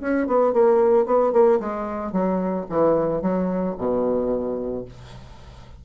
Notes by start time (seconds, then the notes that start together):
0.00 C#4
0.27 B3
0.53 A#3
1.06 B3
1.33 A#3
1.60 G#3
2.12 F#3
2.69 E3
3.22 F#3
3.78 B2